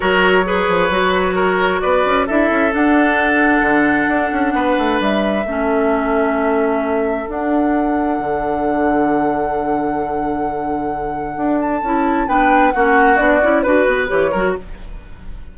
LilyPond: <<
  \new Staff \with { instrumentName = "flute" } { \time 4/4 \tempo 4 = 132 cis''1 | d''4 e''4 fis''2~ | fis''2. e''4~ | e''1 |
fis''1~ | fis''1~ | fis''4. a''4. g''4 | fis''4 d''4 b'4 cis''4 | }
  \new Staff \with { instrumentName = "oboe" } { \time 4/4 ais'4 b'2 ais'4 | b'4 a'2.~ | a'2 b'2 | a'1~ |
a'1~ | a'1~ | a'2. b'4 | fis'2 b'4. ais'8 | }
  \new Staff \with { instrumentName = "clarinet" } { \time 4/4 fis'4 gis'4 fis'2~ | fis'4 e'4 d'2~ | d'1 | cis'1 |
d'1~ | d'1~ | d'2 e'4 d'4 | cis'4 d'8 e'8 fis'4 g'8 fis'8 | }
  \new Staff \with { instrumentName = "bassoon" } { \time 4/4 fis4. f8 fis2 | b8 cis'8 d'8 cis'8 d'2 | d4 d'8 cis'8 b8 a8 g4 | a1 |
d'2 d2~ | d1~ | d4 d'4 cis'4 b4 | ais4 b8 cis'8 d'8 b8 e8 fis8 | }
>>